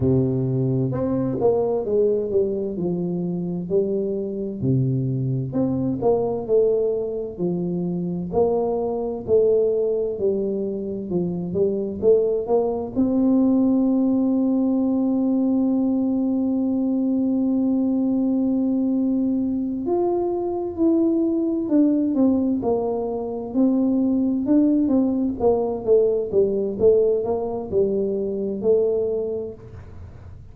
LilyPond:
\new Staff \with { instrumentName = "tuba" } { \time 4/4 \tempo 4 = 65 c4 c'8 ais8 gis8 g8 f4 | g4 c4 c'8 ais8 a4 | f4 ais4 a4 g4 | f8 g8 a8 ais8 c'2~ |
c'1~ | c'4. f'4 e'4 d'8 | c'8 ais4 c'4 d'8 c'8 ais8 | a8 g8 a8 ais8 g4 a4 | }